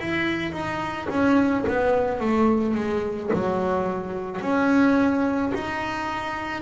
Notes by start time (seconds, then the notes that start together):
0.00 E4
0.53 D#4
1.10 C#4
1.68 B3
2.21 A3
2.75 G#3
3.33 F#3
4.41 C#4
5.55 D#4